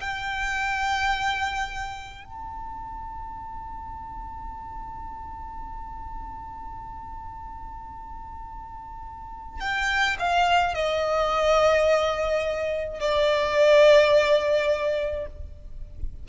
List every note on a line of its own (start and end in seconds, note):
0.00 2.24 G5
2.24 9.60 A5
9.60 10.16 G5
10.19 10.74 F5
10.74 13.00 D#5
13.00 15.26 D5